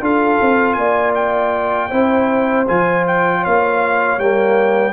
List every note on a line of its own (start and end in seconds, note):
0.00 0.39 D4
0.00 1.90 F4
0.00 0.78 A4
0.00 0.73 F5
0.41 0.76 C4
0.73 1.90 A#3
0.73 1.89 D5
0.73 1.11 G#5
1.15 2.67 G5
1.89 2.68 C4
1.89 2.66 E4
1.89 3.40 C5
2.67 3.45 F3
2.67 4.20 F4
2.67 3.05 G#5
3.07 3.44 G5
3.40 4.92 C#5
3.40 4.19 F5
3.46 4.18 A#3
4.18 4.92 G3
4.18 4.92 A#3
4.18 4.92 G5